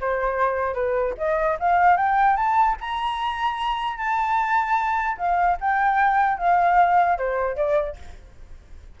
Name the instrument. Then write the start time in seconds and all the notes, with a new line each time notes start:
flute
0.00 C5
0.74 B4
1.17 D#5
1.59 F5
1.96 G5
2.36 A5
2.80 A#5
3.97 A5
5.17 F5
5.60 G5
6.38 F5
7.17 C5
7.55 D5